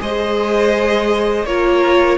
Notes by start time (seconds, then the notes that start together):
0.00 G#3 G#4 C5 D#5
1.45 A#3 F4 A#4 C#5